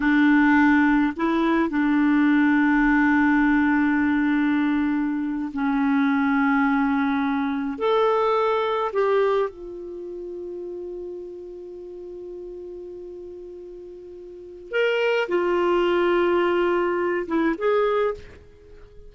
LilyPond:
\new Staff \with { instrumentName = "clarinet" } { \time 4/4 \tempo 4 = 106 d'2 e'4 d'4~ | d'1~ | d'4.~ d'16 cis'2~ cis'16~ | cis'4.~ cis'16 a'2 g'16~ |
g'8. f'2.~ f'16~ | f'1~ | f'2 ais'4 f'4~ | f'2~ f'8 e'8 gis'4 | }